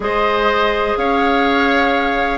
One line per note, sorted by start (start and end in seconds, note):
0.00 0.94 G#3
0.00 2.38 G#4
0.00 0.98 C5
0.00 0.97 D#5
0.97 2.38 C#4
0.97 2.38 C#5
0.97 2.38 F5